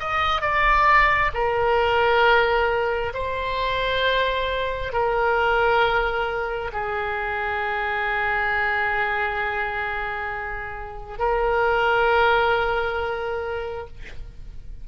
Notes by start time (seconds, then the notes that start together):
0.00 D#5
0.42 D5
1.34 A#4
3.14 C5
4.93 A#4
6.73 G#4
11.19 A#4